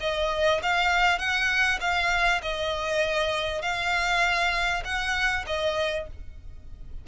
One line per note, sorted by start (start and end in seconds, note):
0.00 0.61 D#5
0.62 1.18 F5
1.18 1.79 F#5
1.80 2.41 F5
2.42 3.61 D#5
3.61 4.83 F5
4.84 5.45 F#5
5.46 6.07 D#5